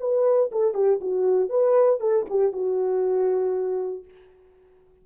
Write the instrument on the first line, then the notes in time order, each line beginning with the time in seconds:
horn
0.00 B4
0.52 A4
0.74 G4
1.01 F#4
1.49 B4
2.00 A4
2.30 G4
2.53 F#4